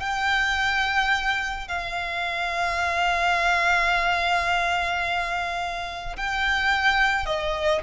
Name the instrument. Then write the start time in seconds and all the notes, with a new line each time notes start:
violin
0.00 G5
1.68 F5
6.17 G5
7.26 D#5